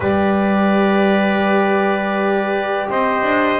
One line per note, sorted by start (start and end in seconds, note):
0.00 2.87 G3
0.00 3.60 G4
0.00 2.89 B4
0.00 2.90 D5
2.89 3.22 C4
2.89 3.60 C5
2.89 3.60 D#5
3.22 3.58 D4